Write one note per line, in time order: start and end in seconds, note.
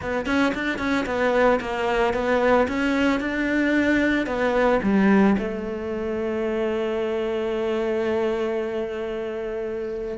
0.01 0.26 B3
0.26 0.52 C#4
0.54 0.78 D4
0.78 1.05 C#4
1.06 1.59 B3
1.60 2.13 A#3
2.13 2.67 B3
2.67 3.19 C#4
3.19 4.26 D4
4.26 4.79 B3
4.82 5.36 G3
5.38 10.17 A3